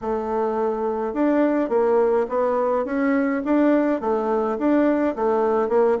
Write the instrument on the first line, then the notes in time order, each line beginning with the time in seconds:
bassoon
0.01 A3
1.13 D4
1.69 A#3
2.29 B3
2.85 C#4
3.44 D4
4.00 A3
4.58 D4
5.15 A3
5.69 A#3